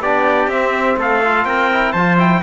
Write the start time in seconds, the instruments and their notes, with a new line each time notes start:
0.00 cello B3, trombone D4, trumpet G4 D5
0.47 cello C4, trombone C4, trumpet E5
0.97 cello A3, trumpet A4 F5
1.24 trombone F4
1.45 cello C4, trumpet A#4 G5
1.72 trombone E4
1.92 cello F3, trombone F4, trumpet C5 A5
2.18 trombone E4, trumpet G5